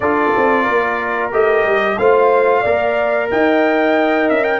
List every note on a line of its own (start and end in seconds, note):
0.00 0.30 D4
0.00 1.32 F4
0.00 0.63 A4
0.00 1.30 D5
0.36 0.68 C4
0.63 1.32 A#3
0.63 1.95 A#4
1.32 1.64 A3
1.32 1.98 G4
1.32 1.98 D#5
1.64 1.97 G3
1.98 2.64 A3
1.98 2.65 F4
1.98 2.61 C5
1.98 3.30 F5
2.61 3.30 A#3
2.61 4.59 A#4
2.61 3.27 D5
3.30 4.30 D#4
3.30 4.59 D#5
3.30 4.29 G5
4.29 4.59 C#4
4.29 4.43 E5
4.43 4.59 G5